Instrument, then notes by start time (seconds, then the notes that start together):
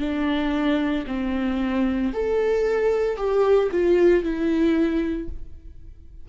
viola
0.00 D4
1.07 C4
2.13 A4
3.17 G4
3.72 F4
4.24 E4